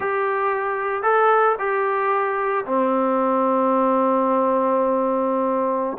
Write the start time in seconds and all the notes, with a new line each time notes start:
0.00 G4
1.02 A4
1.58 G4
2.65 C4